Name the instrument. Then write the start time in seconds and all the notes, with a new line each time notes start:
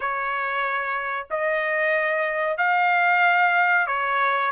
trumpet
0.00 C#5
1.30 D#5
2.57 F5
3.87 C#5